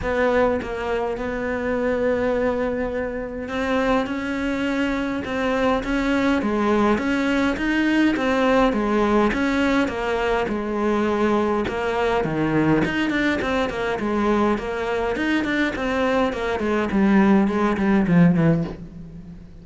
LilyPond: \new Staff \with { instrumentName = "cello" } { \time 4/4 \tempo 4 = 103 b4 ais4 b2~ | b2 c'4 cis'4~ | cis'4 c'4 cis'4 gis4 | cis'4 dis'4 c'4 gis4 |
cis'4 ais4 gis2 | ais4 dis4 dis'8 d'8 c'8 ais8 | gis4 ais4 dis'8 d'8 c'4 | ais8 gis8 g4 gis8 g8 f8 e8 | }